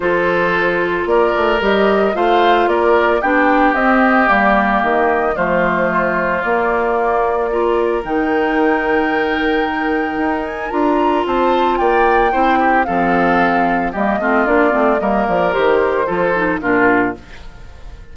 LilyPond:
<<
  \new Staff \with { instrumentName = "flute" } { \time 4/4 \tempo 4 = 112 c''2 d''4 dis''4 | f''4 d''4 g''4 dis''4 | d''4 dis''4 c''2 | d''2. g''4~ |
g''2.~ g''8 gis''8 | ais''4 a''4 g''2 | f''2 dis''4 d''4 | dis''8 d''8 c''2 ais'4 | }
  \new Staff \with { instrumentName = "oboe" } { \time 4/4 a'2 ais'2 | c''4 ais'4 g'2~ | g'2 f'2~ | f'2 ais'2~ |
ais'1~ | ais'4 c''4 d''4 c''8 g'8 | a'2 g'8 f'4. | ais'2 a'4 f'4 | }
  \new Staff \with { instrumentName = "clarinet" } { \time 4/4 f'2. g'4 | f'2 d'4 c'4 | ais2 a2 | ais2 f'4 dis'4~ |
dis'1 | f'2. e'4 | c'2 ais8 c'8 d'8 c'8 | ais4 g'4 f'8 dis'8 d'4 | }
  \new Staff \with { instrumentName = "bassoon" } { \time 4/4 f2 ais8 a8 g4 | a4 ais4 b4 c'4 | g4 dis4 f2 | ais2. dis4~ |
dis2. dis'4 | d'4 c'4 ais4 c'4 | f2 g8 a8 ais8 a8 | g8 f8 dis4 f4 ais,4 | }
>>